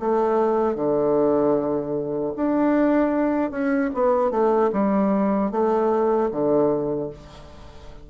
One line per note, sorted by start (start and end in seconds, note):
0.00 0.76 A3
0.76 2.34 D3
2.36 3.51 D4
3.51 3.91 C#4
3.94 4.31 B3
4.31 4.71 A3
4.73 5.52 G3
5.52 6.31 A3
6.32 7.11 D3